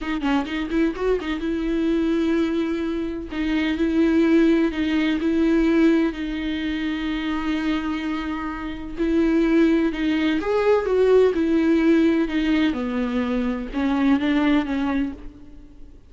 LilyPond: \new Staff \with { instrumentName = "viola" } { \time 4/4 \tempo 4 = 127 dis'8 cis'8 dis'8 e'8 fis'8 dis'8 e'4~ | e'2. dis'4 | e'2 dis'4 e'4~ | e'4 dis'2.~ |
dis'2. e'4~ | e'4 dis'4 gis'4 fis'4 | e'2 dis'4 b4~ | b4 cis'4 d'4 cis'4 | }